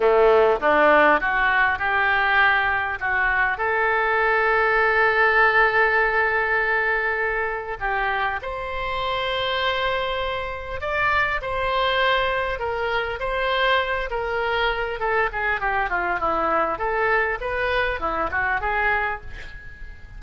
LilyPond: \new Staff \with { instrumentName = "oboe" } { \time 4/4 \tempo 4 = 100 a4 d'4 fis'4 g'4~ | g'4 fis'4 a'2~ | a'1~ | a'4 g'4 c''2~ |
c''2 d''4 c''4~ | c''4 ais'4 c''4. ais'8~ | ais'4 a'8 gis'8 g'8 f'8 e'4 | a'4 b'4 e'8 fis'8 gis'4 | }